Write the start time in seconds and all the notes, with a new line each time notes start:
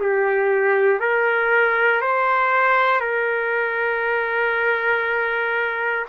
0.00 G4
1.00 A#4
2.02 C5
3.01 A#4